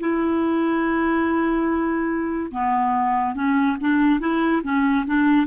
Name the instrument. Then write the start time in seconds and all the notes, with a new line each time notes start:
clarinet
0.00 E4
2.52 B3
3.35 C#4
3.81 D4
4.20 E4
4.64 C#4
5.07 D4